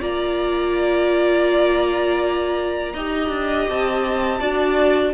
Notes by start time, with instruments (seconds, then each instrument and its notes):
0.00 cello A#3, viola F4, violin D5 A#5
2.93 cello D#4, viola G4, violin D#5
3.29 cello D4
3.69 cello C4, violin A5
4.39 cello D4, viola F#4, violin D5